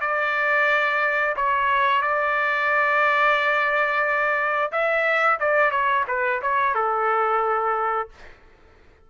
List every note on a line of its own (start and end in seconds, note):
0.00 1.35 D5
1.36 2.02 C#5
2.02 4.71 D5
4.71 5.39 E5
5.39 5.71 D5
5.71 6.05 C#5
6.07 6.41 B4
6.42 6.74 C#5
6.74 8.09 A4